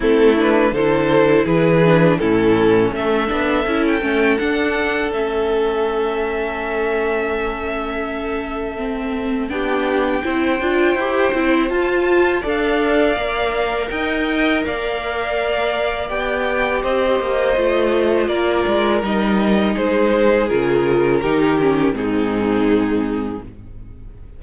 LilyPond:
<<
  \new Staff \with { instrumentName = "violin" } { \time 4/4 \tempo 4 = 82 a'8 b'8 c''4 b'4 a'4 | e''4~ e''16 g''8. fis''4 e''4~ | e''1~ | e''4 g''2. |
a''4 f''2 g''4 | f''2 g''4 dis''4~ | dis''4 d''4 dis''4 c''4 | ais'2 gis'2 | }
  \new Staff \with { instrumentName = "violin" } { \time 4/4 e'4 a'4 gis'4 e'4 | a'1~ | a'1~ | a'4 g'4 c''2~ |
c''4 d''2 dis''4 | d''2. c''4~ | c''4 ais'2 gis'4~ | gis'4 g'4 dis'2 | }
  \new Staff \with { instrumentName = "viola" } { \time 4/4 c'8 d'8 e'4. d'8 cis'4~ | cis'8 d'8 e'8 cis'8 d'4 cis'4~ | cis'1 | c'4 d'4 e'8 f'8 g'8 e'8 |
f'4 a'4 ais'2~ | ais'2 g'2 | f'2 dis'2 | f'4 dis'8 cis'8 c'2 | }
  \new Staff \with { instrumentName = "cello" } { \time 4/4 a4 d4 e4 a,4 | a8 b8 cis'8 a8 d'4 a4~ | a1~ | a4 b4 c'8 d'8 e'8 c'8 |
f'4 d'4 ais4 dis'4 | ais2 b4 c'8 ais8 | a4 ais8 gis8 g4 gis4 | cis4 dis4 gis,2 | }
>>